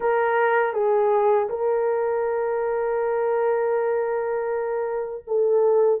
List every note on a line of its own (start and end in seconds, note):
0.00 0.73 A#4
0.73 1.48 G#4
1.49 5.24 A#4
5.27 6.00 A4